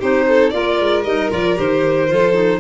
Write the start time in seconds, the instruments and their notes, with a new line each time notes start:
0.00 tuba C4, clarinet D#4, violin G4 C5
0.28 violin A4
0.50 tuba A#3, clarinet F4, violin A#4 D5
0.80 tuba G#3
1.04 tuba G3, clarinet D#4, violin D#5
1.30 tuba F3, clarinet F4, violin D5
1.56 tuba D#3, clarinet G4, violin C5
2.08 tuba F3, clarinet F4, violin A4
2.33 clarinet D#4